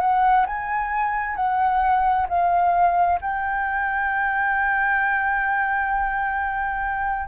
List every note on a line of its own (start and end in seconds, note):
0.00 0.45 F#5
0.46 1.36 G#5
1.36 2.26 F#5
2.29 3.19 F5
3.21 7.28 G5